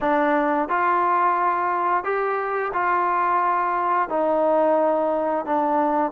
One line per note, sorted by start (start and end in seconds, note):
0.00 0.68 D4
0.68 2.04 F4
2.04 2.72 G4
2.73 4.09 F4
4.09 5.45 D#4
5.45 6.12 D4